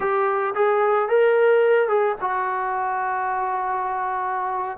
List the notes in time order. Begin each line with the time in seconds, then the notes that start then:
0.00 G4
0.54 G#4
1.09 A#4
1.88 G#4
2.20 F#4